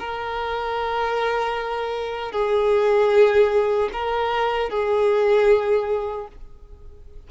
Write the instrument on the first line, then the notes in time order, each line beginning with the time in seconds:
violin
0.00 A#4
2.32 G#4
3.93 A#4
4.70 G#4